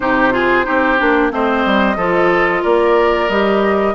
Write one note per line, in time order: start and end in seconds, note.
0.00 0.65 C3
0.00 0.31 D#4
0.00 0.33 G4
0.00 1.29 C5
0.31 0.64 F4
0.31 0.66 G#4
0.64 1.00 C4
0.64 0.97 D#4
0.64 1.32 G4
0.97 1.31 A#3
0.97 1.30 D4
1.30 1.64 A3
1.30 1.96 C4
1.30 1.96 C5
1.30 2.63 D#5
1.65 1.96 G3
1.96 2.62 F3
1.96 3.29 F4
1.96 2.62 A4
2.62 3.29 A#3
2.62 3.94 A#4
2.62 3.29 D5
3.29 3.95 G3
3.29 3.95 G4
3.29 3.95 D#5